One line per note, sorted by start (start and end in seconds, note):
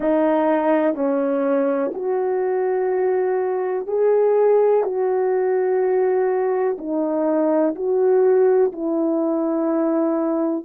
0.00 0.94 D#4
0.94 1.91 C#4
1.93 3.87 F#4
3.87 4.83 G#4
4.83 6.77 F#4
6.77 7.74 D#4
7.75 8.71 F#4
8.72 10.65 E4